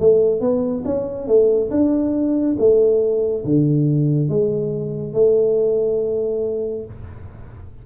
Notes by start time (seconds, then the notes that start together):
0.00 A3
0.41 B3
0.85 C#4
1.28 A3
1.71 D4
2.59 A3
3.45 D3
4.29 G#3
5.14 A3